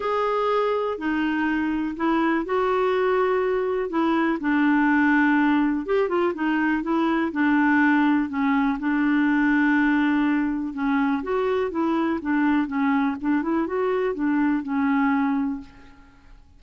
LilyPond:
\new Staff \with { instrumentName = "clarinet" } { \time 4/4 \tempo 4 = 123 gis'2 dis'2 | e'4 fis'2. | e'4 d'2. | g'8 f'8 dis'4 e'4 d'4~ |
d'4 cis'4 d'2~ | d'2 cis'4 fis'4 | e'4 d'4 cis'4 d'8 e'8 | fis'4 d'4 cis'2 | }